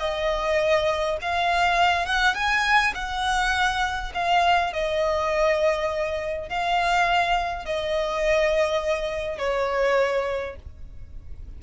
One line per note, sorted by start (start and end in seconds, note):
0.00 1.18 D#5
1.22 2.06 F5
2.06 2.35 F#5
2.35 2.94 G#5
2.95 4.13 F#5
4.15 4.74 F5
4.74 6.49 D#5
6.49 7.66 F5
7.66 9.39 D#5
9.39 10.56 C#5